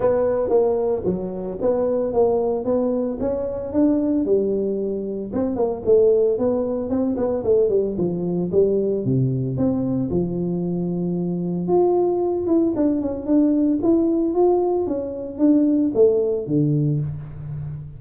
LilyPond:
\new Staff \with { instrumentName = "tuba" } { \time 4/4 \tempo 4 = 113 b4 ais4 fis4 b4 | ais4 b4 cis'4 d'4 | g2 c'8 ais8 a4 | b4 c'8 b8 a8 g8 f4 |
g4 c4 c'4 f4~ | f2 f'4. e'8 | d'8 cis'8 d'4 e'4 f'4 | cis'4 d'4 a4 d4 | }